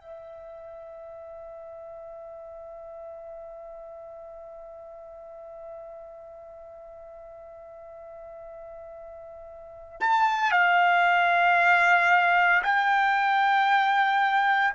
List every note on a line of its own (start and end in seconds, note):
0.00 10.00 E5
10.00 10.52 A5
10.52 12.62 F5
12.63 14.74 G5